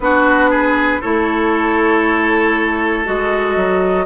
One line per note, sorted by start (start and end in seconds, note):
0.00 0.99 B3
0.00 1.03 D4
0.00 0.50 F#4
0.00 1.01 B4
0.50 1.00 G#4
1.00 3.07 A3
1.00 3.04 E4
1.00 4.05 A4
1.00 3.05 C#5
3.04 3.56 G#3
3.04 4.05 F#4
3.04 4.05 D#5
3.56 4.05 F#3